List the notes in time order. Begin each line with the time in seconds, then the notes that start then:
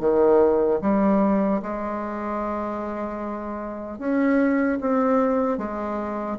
0.00 D#3
0.82 G3
1.63 G#3
3.99 C#4
4.81 C4
5.58 G#3